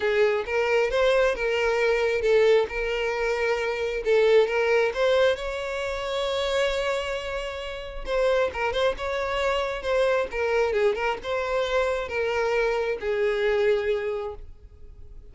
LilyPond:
\new Staff \with { instrumentName = "violin" } { \time 4/4 \tempo 4 = 134 gis'4 ais'4 c''4 ais'4~ | ais'4 a'4 ais'2~ | ais'4 a'4 ais'4 c''4 | cis''1~ |
cis''2 c''4 ais'8 c''8 | cis''2 c''4 ais'4 | gis'8 ais'8 c''2 ais'4~ | ais'4 gis'2. | }